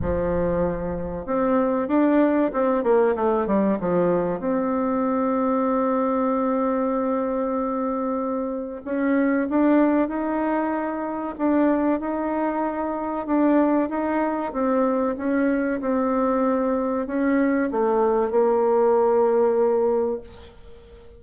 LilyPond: \new Staff \with { instrumentName = "bassoon" } { \time 4/4 \tempo 4 = 95 f2 c'4 d'4 | c'8 ais8 a8 g8 f4 c'4~ | c'1~ | c'2 cis'4 d'4 |
dis'2 d'4 dis'4~ | dis'4 d'4 dis'4 c'4 | cis'4 c'2 cis'4 | a4 ais2. | }